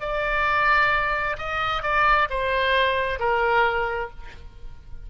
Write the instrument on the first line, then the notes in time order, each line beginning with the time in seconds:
oboe
0.00 D5
1.38 D#5
1.82 D5
2.30 C5
3.19 A#4